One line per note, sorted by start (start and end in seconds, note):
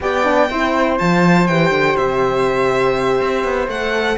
0.00 0.50 B3
0.00 0.24 G4
0.00 0.50 D5
0.00 0.98 G5
0.24 0.48 D4
0.50 0.99 C4
0.50 0.99 E4
0.50 4.18 C5
0.98 1.48 F3
0.98 1.48 F4
0.98 1.47 A5
1.47 1.70 E3
1.47 3.71 G4
1.47 1.96 G5
1.70 1.94 D3
1.96 3.20 C3
1.96 3.68 E5
3.20 3.44 C4
3.44 3.67 B3
3.67 4.16 A3
3.67 4.18 A4
3.67 4.18 F#5